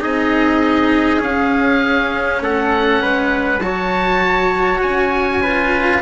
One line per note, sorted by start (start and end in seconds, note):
0.00 1.23 C4
0.00 1.20 D#4
0.00 2.42 G#4
0.00 1.22 D#5
1.20 3.60 C#4
1.20 2.41 C#4
1.20 2.43 F5
2.41 3.01 A3
2.41 3.02 A4
2.41 3.60 F#5
3.02 3.59 G#3
3.02 3.62 B4
3.59 4.79 F#3
3.59 5.43 F#4
3.59 5.42 C#5
3.59 4.80 A5
4.82 6.02 C#4
4.82 6.02 G#5
5.42 6.02 F4
5.42 6.02 B4